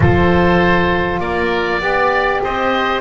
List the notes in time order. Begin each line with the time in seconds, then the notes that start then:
0.00 F3 F4 A4 C5
1.19 A#3 A#4 D5
1.80 B3 G4 D5
2.43 C4 C5 D#5